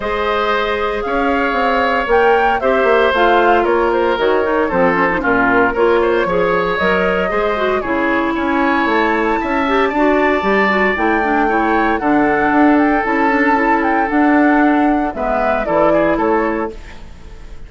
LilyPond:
<<
  \new Staff \with { instrumentName = "flute" } { \time 4/4 \tempo 4 = 115 dis''2 f''2 | g''4 e''4 f''4 cis''8 c''8 | cis''4 c''4 ais'4 cis''4~ | cis''4 dis''2 cis''4 |
gis''4 a''2.~ | a''4 g''2 fis''4~ | fis''8 g''8 a''4. g''8 fis''4~ | fis''4 e''4 d''4 cis''4 | }
  \new Staff \with { instrumentName = "oboe" } { \time 4/4 c''2 cis''2~ | cis''4 c''2 ais'4~ | ais'4 a'4 f'4 ais'8 c''8 | cis''2 c''4 gis'4 |
cis''2 e''4 d''4~ | d''2 cis''4 a'4~ | a'1~ | a'4 b'4 a'8 gis'8 a'4 | }
  \new Staff \with { instrumentName = "clarinet" } { \time 4/4 gis'1 | ais'4 g'4 f'2 | fis'8 dis'8 c'8 cis'16 dis'16 cis'4 f'4 | gis'4 ais'4 gis'8 fis'8 e'4~ |
e'2~ e'8 g'8 fis'4 | g'8 fis'8 e'8 d'8 e'4 d'4~ | d'4 e'8 d'8 e'4 d'4~ | d'4 b4 e'2 | }
  \new Staff \with { instrumentName = "bassoon" } { \time 4/4 gis2 cis'4 c'4 | ais4 c'8 ais8 a4 ais4 | dis4 f4 ais,4 ais4 | f4 fis4 gis4 cis4 |
cis'4 a4 cis'4 d'4 | g4 a2 d4 | d'4 cis'2 d'4~ | d'4 gis4 e4 a4 | }
>>